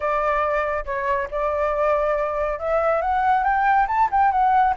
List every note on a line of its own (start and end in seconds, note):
0.00 0.85 D5
0.85 1.28 C#5
1.30 2.59 D5
2.59 3.01 E5
3.01 3.43 F#5
3.43 3.86 G5
3.87 4.09 A5
4.11 4.31 G5
4.31 4.74 F#5